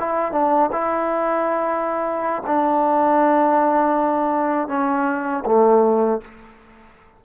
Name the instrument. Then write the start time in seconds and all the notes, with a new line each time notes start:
trombone
0.00 E4
0.32 D4
0.72 E4
2.47 D4
4.68 C#4
5.45 A3